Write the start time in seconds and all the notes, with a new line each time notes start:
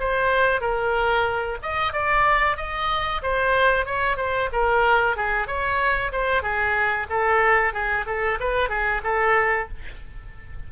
0.00 C5
0.62 A#4
1.63 D#5
1.93 D5
2.57 D#5
3.23 C5
3.86 C#5
4.17 C5
4.53 A#4
5.17 G#4
5.48 C#5
6.13 C5
6.43 G#4
7.10 A4
7.74 G#4
8.07 A4
8.40 B4
8.70 G#4
9.04 A4